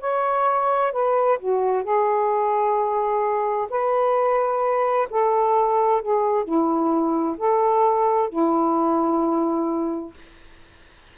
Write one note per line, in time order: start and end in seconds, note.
0.00 0.92 C#5
0.92 1.38 B4
1.39 1.83 F#4
1.83 3.68 G#4
3.70 5.09 B4
5.10 6.02 A4
6.02 6.44 G#4
6.44 7.37 E4
7.38 8.30 A4
8.30 10.14 E4